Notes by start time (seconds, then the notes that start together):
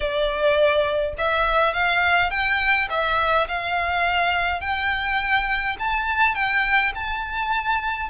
0.00 D5
1.17 E5
1.73 F5
2.30 G5
2.90 E5
3.47 F5
4.60 G5
5.79 A5
6.35 G5
6.94 A5